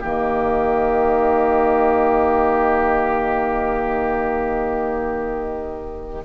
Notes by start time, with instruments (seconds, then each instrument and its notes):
0.00 bassoon D#3, clarinet A#3, oboe G4, flute D#5